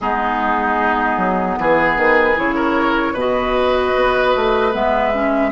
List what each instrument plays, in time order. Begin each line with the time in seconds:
0.00 bassoon G#3, clarinet B3, oboe D#4, flute G#4
1.17 bassoon F#3
1.59 bassoon E3, oboe G#4, flute B4
1.97 bassoon D#3
2.36 bassoon C#3, clarinet E4, flute C#5
2.55 oboe A#4
3.13 bassoon B2, clarinet F#4, oboe B4, flute D#5
3.95 bassoon B3
4.35 bassoon A3
4.72 bassoon G#3, clarinet B3, flute E5
5.13 clarinet C#4